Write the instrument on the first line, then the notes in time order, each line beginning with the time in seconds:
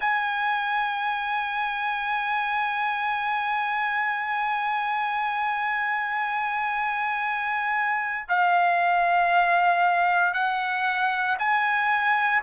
trumpet
0.00 G#5
8.28 F5
10.33 F#5
11.38 G#5